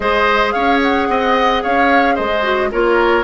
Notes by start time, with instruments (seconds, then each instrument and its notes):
0.00 bassoon G#3, clarinet G#4, oboe C5, flute D#5
0.51 bassoon C#4, oboe C#5, flute F5
0.82 flute F#5
1.08 bassoon C4, oboe D#5
1.63 bassoon C#4, oboe C#5, flute F5
2.14 bassoon G#3, oboe C5, flute D#5
2.42 clarinet F#4
2.71 bassoon A#3, clarinet F4, oboe A#4, flute C#5